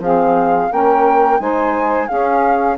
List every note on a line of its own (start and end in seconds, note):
0.00 0.69 F3
0.00 0.70 C4
0.00 0.71 G#4
0.00 0.72 F5
0.70 1.41 A#3
0.70 1.39 C#4
0.70 1.40 A#4
0.70 1.41 G5
1.39 2.09 G#3
1.39 2.08 D#4
1.39 2.08 C5
1.39 2.08 G#5
2.08 2.78 C#4
2.08 2.77 G#4
2.08 2.77 F5